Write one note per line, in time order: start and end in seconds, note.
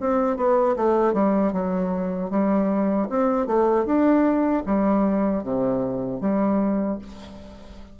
0.00 0.36 C4
0.36 0.75 B3
0.76 1.13 A3
1.13 1.52 G3
1.52 2.30 F#3
2.30 3.08 G3
3.09 3.46 C4
3.46 3.85 A3
3.85 4.63 D4
4.66 5.43 G3
5.43 6.21 C3
6.21 6.98 G3